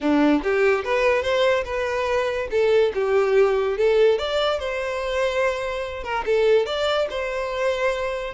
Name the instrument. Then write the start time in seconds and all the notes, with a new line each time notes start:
violin
0.01 D4
0.43 G4
0.84 B4
1.22 C5
1.64 B4
2.50 A4
2.94 G4
3.77 A4
4.18 D5
4.59 C5
6.03 A#4
6.25 A4
6.66 D5
7.09 C5